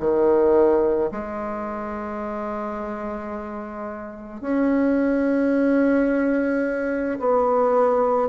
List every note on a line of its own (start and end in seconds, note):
0.00 1.11 D#3
1.12 4.41 G#3
4.41 7.19 C#4
7.20 8.29 B3